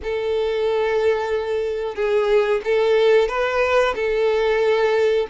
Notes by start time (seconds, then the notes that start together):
0.03 A4
1.95 G#4
2.64 A4
3.28 B4
3.95 A4